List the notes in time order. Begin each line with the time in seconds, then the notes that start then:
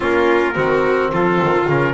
0.00 A#3 C#4 F4 A#4
0.53 D#3 C4 F#4
1.12 F3 F4 A4
1.43 D#3
1.68 C#3 C#4 A#4